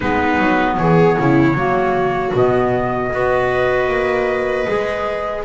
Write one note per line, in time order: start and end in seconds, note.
0.00 0.38 G#3
0.00 1.56 B3
0.00 0.78 D#4
0.00 0.76 B4
0.38 0.77 F#3
0.77 1.17 E3
0.77 1.18 G#4
0.77 2.33 C#5
1.19 1.54 C#3
1.19 1.57 E4
1.54 2.32 F#3
1.54 2.34 A#3
1.54 3.13 F#4
2.33 3.11 B2
2.33 3.11 B3
2.33 5.44 D#5
3.11 3.88 B3
3.11 4.66 F#4
3.11 5.44 B4
3.88 4.66 A#3
4.66 5.44 G#3
4.66 5.44 G#4